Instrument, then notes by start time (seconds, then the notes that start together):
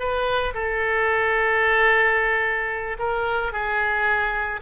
oboe
0.00 B4
0.54 A4
2.99 A#4
3.53 G#4